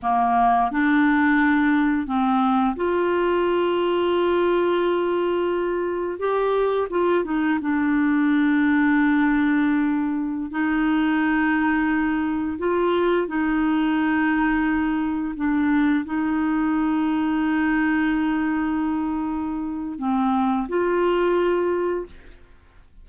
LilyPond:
\new Staff \with { instrumentName = "clarinet" } { \time 4/4 \tempo 4 = 87 ais4 d'2 c'4 | f'1~ | f'4 g'4 f'8 dis'8 d'4~ | d'2.~ d'16 dis'8.~ |
dis'2~ dis'16 f'4 dis'8.~ | dis'2~ dis'16 d'4 dis'8.~ | dis'1~ | dis'4 c'4 f'2 | }